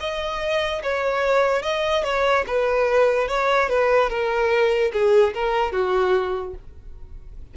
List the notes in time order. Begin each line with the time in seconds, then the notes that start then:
0.00 D#5
0.83 C#5
1.63 D#5
2.04 C#5
2.47 B4
3.28 C#5
3.69 B4
4.10 A#4
4.93 G#4
5.34 A#4
5.72 F#4